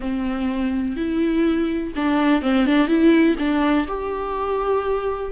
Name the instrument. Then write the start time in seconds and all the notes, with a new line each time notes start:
viola
0.00 C4
0.96 E4
1.95 D4
2.42 C4
2.66 D4
2.87 E4
3.38 D4
3.87 G4